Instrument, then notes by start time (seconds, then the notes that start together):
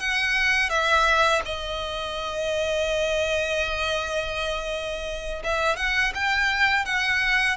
violin
0.00 F#5
0.70 E5
1.46 D#5
5.44 E5
5.77 F#5
6.15 G5
6.85 F#5